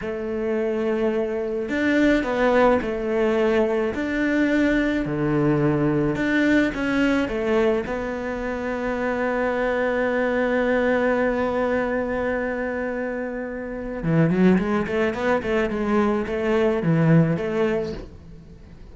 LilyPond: \new Staff \with { instrumentName = "cello" } { \time 4/4 \tempo 4 = 107 a2. d'4 | b4 a2 d'4~ | d'4 d2 d'4 | cis'4 a4 b2~ |
b1~ | b1~ | b4 e8 fis8 gis8 a8 b8 a8 | gis4 a4 e4 a4 | }